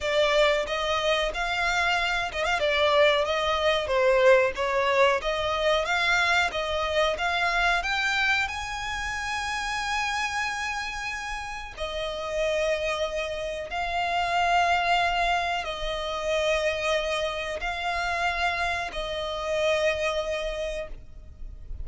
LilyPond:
\new Staff \with { instrumentName = "violin" } { \time 4/4 \tempo 4 = 92 d''4 dis''4 f''4. dis''16 f''16 | d''4 dis''4 c''4 cis''4 | dis''4 f''4 dis''4 f''4 | g''4 gis''2.~ |
gis''2 dis''2~ | dis''4 f''2. | dis''2. f''4~ | f''4 dis''2. | }